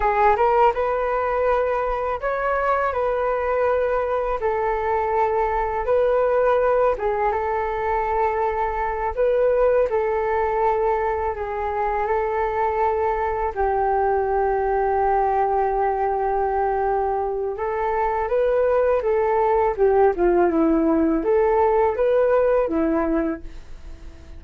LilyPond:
\new Staff \with { instrumentName = "flute" } { \time 4/4 \tempo 4 = 82 gis'8 ais'8 b'2 cis''4 | b'2 a'2 | b'4. gis'8 a'2~ | a'8 b'4 a'2 gis'8~ |
gis'8 a'2 g'4.~ | g'1 | a'4 b'4 a'4 g'8 f'8 | e'4 a'4 b'4 e'4 | }